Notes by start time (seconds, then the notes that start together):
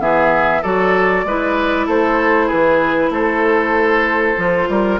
0.00 E3 B3 G#4 E5
0.62 F#3 F#4 A4 D5
1.25 G#3 E4 B4
1.87 A3 A4 C5
2.47 E3 G#4 B4
3.10 A3 A4 C5
4.38 F3 F4
4.69 G3 A#4